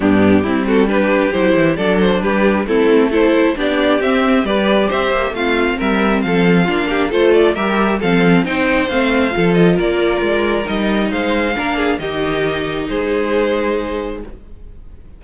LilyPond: <<
  \new Staff \with { instrumentName = "violin" } { \time 4/4 \tempo 4 = 135 g'4. a'8 b'4 c''4 | d''8 c''8 b'4 a'4 c''4 | d''4 e''4 d''4 e''4 | f''4 e''4 f''2 |
c''8 d''8 e''4 f''4 g''4 | f''4. dis''8 d''2 | dis''4 f''2 dis''4~ | dis''4 c''2. | }
  \new Staff \with { instrumentName = "violin" } { \time 4/4 d'4 e'8 fis'8 g'2 | a'4 g'4 e'4 a'4 | g'2 b'4 c''4 | f'4 ais'4 a'4 f'8 g'8 |
a'4 ais'4 a'4 c''4~ | c''4 a'4 ais'2~ | ais'4 c''4 ais'8 gis'8 g'4~ | g'4 gis'2. | }
  \new Staff \with { instrumentName = "viola" } { \time 4/4 b4 c'4 d'4 e'4 | d'2 c'4 e'4 | d'4 c'4 g'2 | c'2. d'4 |
f'4 g'4 c'4 dis'4 | c'4 f'2. | dis'2 d'4 dis'4~ | dis'1 | }
  \new Staff \with { instrumentName = "cello" } { \time 4/4 g,4 g2 fis8 e8 | fis4 g4 a2 | b4 c'4 g4 c'8 ais8 | a4 g4 f4 ais4 |
a4 g4 f4 c'4 | a4 f4 ais4 gis4 | g4 gis4 ais4 dis4~ | dis4 gis2. | }
>>